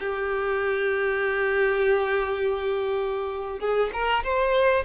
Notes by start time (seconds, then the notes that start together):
0.00 G4
3.60 G#4
3.93 A#4
4.24 C5